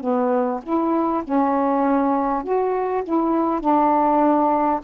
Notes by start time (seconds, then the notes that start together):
0.00 B3
0.63 E4
1.23 C#4
2.43 F#4
3.03 E4
3.60 D4